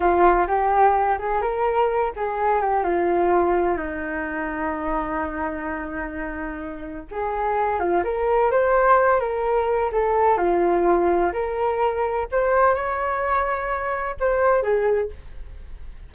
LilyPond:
\new Staff \with { instrumentName = "flute" } { \time 4/4 \tempo 4 = 127 f'4 g'4. gis'8 ais'4~ | ais'8 gis'4 g'8 f'2 | dis'1~ | dis'2. gis'4~ |
gis'8 f'8 ais'4 c''4. ais'8~ | ais'4 a'4 f'2 | ais'2 c''4 cis''4~ | cis''2 c''4 gis'4 | }